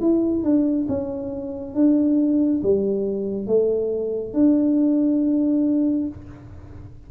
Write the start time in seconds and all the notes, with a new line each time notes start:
0.00 E4
0.43 D4
0.88 C#4
1.74 D4
2.62 G3
3.46 A3
4.33 D4